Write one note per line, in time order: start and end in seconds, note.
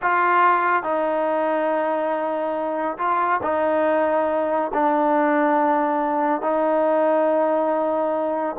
0.02 0.83 F4
0.83 2.97 D#4
2.97 3.40 F4
3.43 4.71 D#4
4.73 6.41 D4
6.41 8.56 D#4